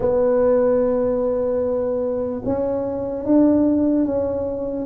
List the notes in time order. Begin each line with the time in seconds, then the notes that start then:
0.00 B3
2.44 C#4
3.25 D4
4.05 C#4